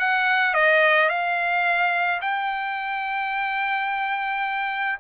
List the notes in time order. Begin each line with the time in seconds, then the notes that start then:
0.00 F#5
0.55 D#5
1.10 F5
2.21 G5